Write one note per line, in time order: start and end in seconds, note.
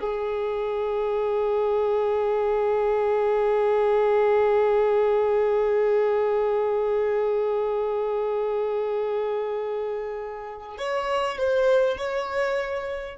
0.00 10.77 G#4
10.77 11.37 C#5
11.38 11.97 C5
11.97 13.17 C#5